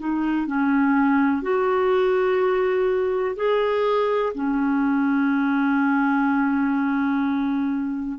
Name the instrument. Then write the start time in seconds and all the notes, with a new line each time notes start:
clarinet
0.00 D#4
0.48 C#4
1.42 F#4
3.37 G#4
4.35 C#4